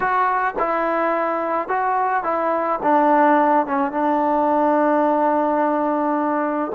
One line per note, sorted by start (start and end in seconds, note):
0.00 0.54 F#4
0.58 1.68 E4
1.68 2.23 F#4
2.23 2.79 E4
2.82 3.66 D4
3.66 3.91 C#4
3.91 6.71 D4